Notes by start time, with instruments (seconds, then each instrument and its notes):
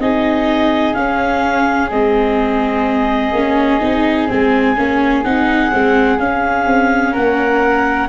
0.00 tuba C4, viola D#4, flute G#4, clarinet D#5
0.95 viola C#4, tuba C#4, clarinet F5
1.91 tuba G#3, viola C4, clarinet D#5
3.33 tuba A#3, viola C#4
3.81 tuba C4, viola D#4
4.28 tuba G#3, viola C4, clarinet G#5
4.77 tuba A#3, viola C#4
5.24 tuba C4, viola D#4, clarinet F#5
5.71 tuba G#3, viola C4
6.19 tuba C#4, viola C#4, clarinet F5
6.67 tuba C4
7.13 tuba A#3, flute A#4, clarinet F#5